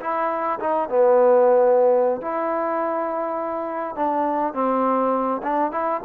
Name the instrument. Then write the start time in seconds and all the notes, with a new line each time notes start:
trombone
0.00 E4
0.59 D#4
0.89 B3
2.21 E4
3.95 D4
4.53 C4
5.43 D4
5.71 E4